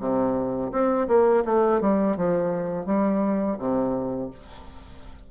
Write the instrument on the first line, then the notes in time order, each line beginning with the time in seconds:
bassoon
0.00 C3
0.72 C4
1.08 A#3
1.45 A3
1.81 G3
2.17 F3
2.86 G3
3.59 C3